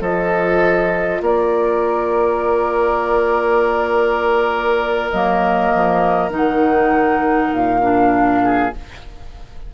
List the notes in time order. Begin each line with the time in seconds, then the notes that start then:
0.00 F3 F4 A4 D#5
1.21 A#3 A#4 D5
5.09 F#3 A#3 D#5
5.74 F3
6.29 D#3 D#4 F#5
7.53 A#2 F5
7.81 D4
8.44 G#4